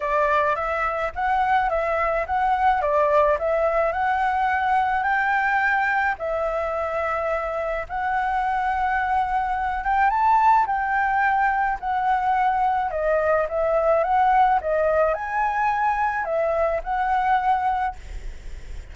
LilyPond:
\new Staff \with { instrumentName = "flute" } { \time 4/4 \tempo 4 = 107 d''4 e''4 fis''4 e''4 | fis''4 d''4 e''4 fis''4~ | fis''4 g''2 e''4~ | e''2 fis''2~ |
fis''4. g''8 a''4 g''4~ | g''4 fis''2 dis''4 | e''4 fis''4 dis''4 gis''4~ | gis''4 e''4 fis''2 | }